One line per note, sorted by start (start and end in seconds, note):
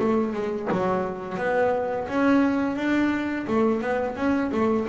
0.00 0.34 A3
0.34 0.68 G#3
0.72 1.38 F#3
1.38 2.08 B3
2.08 2.76 C#4
2.76 3.46 D4
3.47 3.81 A3
3.81 4.16 B3
4.16 4.51 C#4
4.52 4.87 A3